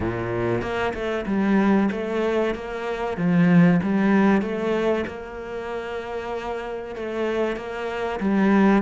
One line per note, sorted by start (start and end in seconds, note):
0.00 0.61 A#2
0.61 0.93 A#3
0.93 1.25 A3
1.26 1.89 G3
1.91 2.54 A3
2.54 3.17 A#3
3.17 3.80 F3
3.82 4.41 G3
4.41 5.04 A3
5.06 6.95 A#3
6.95 7.56 A3
7.56 8.19 A#3
8.19 8.82 G3